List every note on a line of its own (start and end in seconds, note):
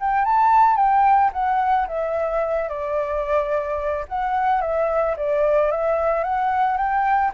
0.00 0.25 G5
0.25 0.76 A5
0.76 1.31 G5
1.33 1.87 F#5
1.88 2.69 E5
2.69 4.05 D5
4.08 4.61 F#5
4.61 5.16 E5
5.17 5.71 D5
5.71 6.24 E5
6.24 6.77 F#5
6.77 7.32 G5